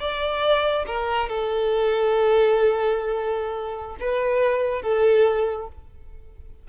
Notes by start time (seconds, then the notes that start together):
0.00 D5
0.87 A#4
1.29 A4
4.00 B4
4.83 A4